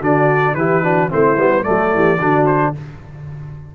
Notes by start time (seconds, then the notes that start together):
0.00 D3 D4 F#4 D5
0.54 E3 E4 G4 B4
0.83 D4 F#4
1.09 A3 C4 E4 C5
1.38 G3 B3
1.63 F#3 A3 A4 D5
1.94 E3 G4
2.19 D3 D4 F#4
2.46 C5